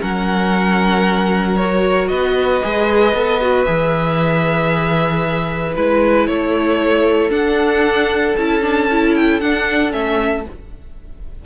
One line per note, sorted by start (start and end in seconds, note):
0.00 2.09 F#3
0.00 1.57 C#4
0.00 2.09 A#4
0.00 1.56 F#5
1.56 2.62 F#4
1.56 2.08 C#5
2.08 2.61 B3
2.08 6.27 B4
2.08 3.64 D#5
2.62 3.13 G#3
2.62 3.15 G#4
3.13 3.65 B3
3.13 3.41 A4
3.41 3.66 F#4
3.64 5.76 E3
3.64 5.74 G#4
3.64 5.73 E5
5.75 6.27 G#3
5.75 7.30 E4
5.75 6.27 B4
6.27 7.30 A3
6.27 10.45 A4
6.27 7.31 C#5
7.30 8.34 D4
7.30 8.36 F#5
8.36 9.41 C#4
8.36 8.62 E4
8.36 9.14 A5
8.62 8.88 D4
8.91 9.41 E4
9.15 9.40 G5
9.40 9.90 D4
9.40 9.93 D4
9.40 9.92 F#5
9.90 10.45 A3
9.90 10.42 C#4
9.90 10.45 E5